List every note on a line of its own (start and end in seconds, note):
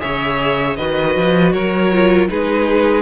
0.00 0.78 C#3
0.00 0.76 G#4
0.00 0.77 C#5
0.00 0.76 E5
0.76 1.16 D#3
0.76 1.92 F#4
0.76 1.53 B4
0.76 1.52 D#5
1.16 1.53 F3
1.52 2.29 F#3
1.52 2.29 A#4
1.52 2.28 C#5
1.92 2.28 F4
2.28 3.02 G#3
2.28 3.02 D#4
2.28 3.02 G#4
2.28 3.02 B4